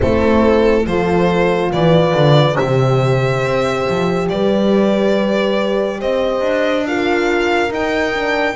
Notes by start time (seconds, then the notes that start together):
0.00 A3 C4 E4 A4
0.85 F3 F4 A4 C5
1.71 E3 B4 D5
2.14 D3
2.56 C3 G4 C5 E5
3.44 C4
3.88 F3
4.28 G3 B4 D5
5.99 C4 C5 D#5
6.40 D4
6.86 F4 A#4 F5
7.69 D#4 G5
8.13 D4